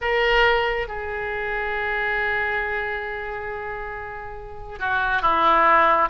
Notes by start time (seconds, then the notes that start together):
0.01 A#4
0.88 G#4
4.79 F#4
5.22 E4